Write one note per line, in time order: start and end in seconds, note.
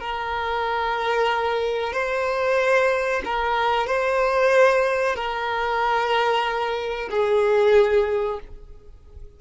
0.00 1.93 A#4
1.93 3.22 C5
3.25 3.87 A#4
3.87 5.16 C5
5.16 7.09 A#4
7.11 8.40 G#4